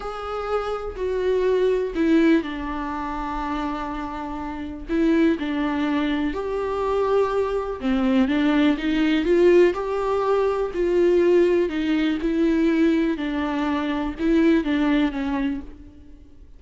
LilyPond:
\new Staff \with { instrumentName = "viola" } { \time 4/4 \tempo 4 = 123 gis'2 fis'2 | e'4 d'2.~ | d'2 e'4 d'4~ | d'4 g'2. |
c'4 d'4 dis'4 f'4 | g'2 f'2 | dis'4 e'2 d'4~ | d'4 e'4 d'4 cis'4 | }